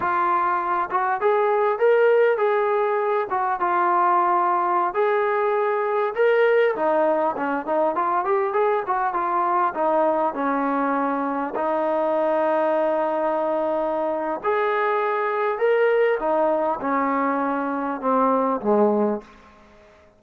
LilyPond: \new Staff \with { instrumentName = "trombone" } { \time 4/4 \tempo 4 = 100 f'4. fis'8 gis'4 ais'4 | gis'4. fis'8 f'2~ | f'16 gis'2 ais'4 dis'8.~ | dis'16 cis'8 dis'8 f'8 g'8 gis'8 fis'8 f'8.~ |
f'16 dis'4 cis'2 dis'8.~ | dis'1 | gis'2 ais'4 dis'4 | cis'2 c'4 gis4 | }